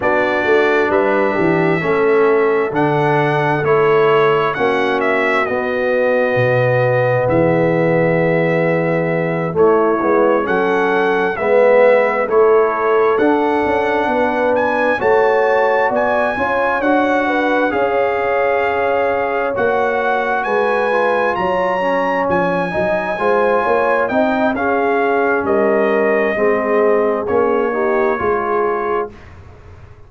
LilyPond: <<
  \new Staff \with { instrumentName = "trumpet" } { \time 4/4 \tempo 4 = 66 d''4 e''2 fis''4 | cis''4 fis''8 e''8 dis''2 | e''2~ e''8 cis''4 fis''8~ | fis''8 e''4 cis''4 fis''4. |
gis''8 a''4 gis''4 fis''4 f''8~ | f''4. fis''4 gis''4 ais''8~ | ais''8 gis''2 g''8 f''4 | dis''2 cis''2 | }
  \new Staff \with { instrumentName = "horn" } { \time 4/4 fis'4 b'8 g'8 a'2~ | a'4 fis'2. | gis'2~ gis'8 e'4 a'8~ | a'8 b'4 a'2 b'8~ |
b'8 cis''4 d''8 cis''4 b'8 cis''8~ | cis''2~ cis''8 b'4 cis''8~ | cis''4 dis''8 c''8 cis''8 dis''8 gis'4 | ais'4 gis'4. g'8 gis'4 | }
  \new Staff \with { instrumentName = "trombone" } { \time 4/4 d'2 cis'4 d'4 | e'4 cis'4 b2~ | b2~ b8 a8 b8 cis'8~ | cis'8 b4 e'4 d'4.~ |
d'8 fis'4. f'8 fis'4 gis'8~ | gis'4. fis'4. f'4 | cis'4 dis'8 f'4 dis'8 cis'4~ | cis'4 c'4 cis'8 dis'8 f'4 | }
  \new Staff \with { instrumentName = "tuba" } { \time 4/4 b8 a8 g8 e8 a4 d4 | a4 ais4 b4 b,4 | e2~ e8 a8 gis8 fis8~ | fis8 gis4 a4 d'8 cis'8 b8~ |
b8 a4 b8 cis'8 d'4 cis'8~ | cis'4. ais4 gis4 fis8~ | fis8 f8 fis8 gis8 ais8 c'8 cis'4 | g4 gis4 ais4 gis4 | }
>>